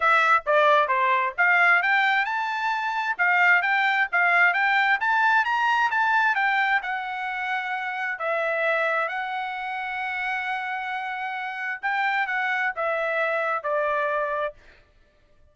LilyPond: \new Staff \with { instrumentName = "trumpet" } { \time 4/4 \tempo 4 = 132 e''4 d''4 c''4 f''4 | g''4 a''2 f''4 | g''4 f''4 g''4 a''4 | ais''4 a''4 g''4 fis''4~ |
fis''2 e''2 | fis''1~ | fis''2 g''4 fis''4 | e''2 d''2 | }